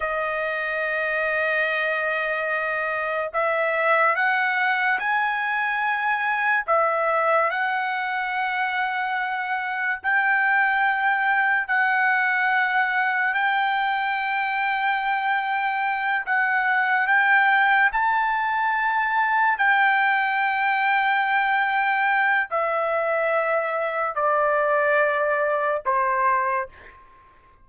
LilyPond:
\new Staff \with { instrumentName = "trumpet" } { \time 4/4 \tempo 4 = 72 dis''1 | e''4 fis''4 gis''2 | e''4 fis''2. | g''2 fis''2 |
g''2.~ g''8 fis''8~ | fis''8 g''4 a''2 g''8~ | g''2. e''4~ | e''4 d''2 c''4 | }